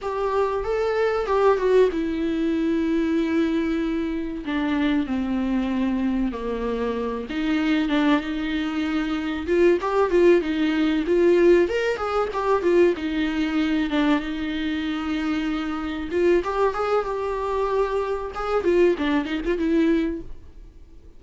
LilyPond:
\new Staff \with { instrumentName = "viola" } { \time 4/4 \tempo 4 = 95 g'4 a'4 g'8 fis'8 e'4~ | e'2. d'4 | c'2 ais4. dis'8~ | dis'8 d'8 dis'2 f'8 g'8 |
f'8 dis'4 f'4 ais'8 gis'8 g'8 | f'8 dis'4. d'8 dis'4.~ | dis'4. f'8 g'8 gis'8 g'4~ | g'4 gis'8 f'8 d'8 dis'16 f'16 e'4 | }